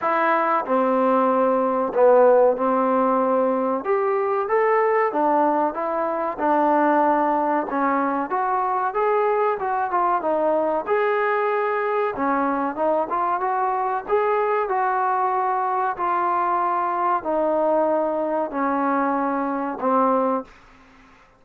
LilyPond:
\new Staff \with { instrumentName = "trombone" } { \time 4/4 \tempo 4 = 94 e'4 c'2 b4 | c'2 g'4 a'4 | d'4 e'4 d'2 | cis'4 fis'4 gis'4 fis'8 f'8 |
dis'4 gis'2 cis'4 | dis'8 f'8 fis'4 gis'4 fis'4~ | fis'4 f'2 dis'4~ | dis'4 cis'2 c'4 | }